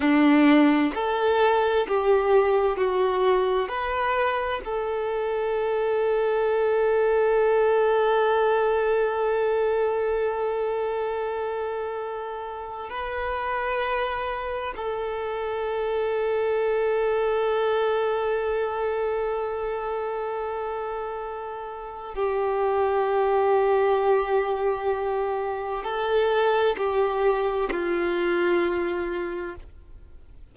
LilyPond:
\new Staff \with { instrumentName = "violin" } { \time 4/4 \tempo 4 = 65 d'4 a'4 g'4 fis'4 | b'4 a'2.~ | a'1~ | a'2 b'2 |
a'1~ | a'1 | g'1 | a'4 g'4 f'2 | }